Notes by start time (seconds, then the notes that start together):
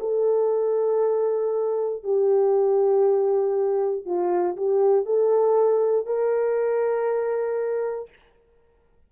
0.00 A4
2.03 G4
4.05 F4
4.57 G4
5.06 A4
6.06 A#4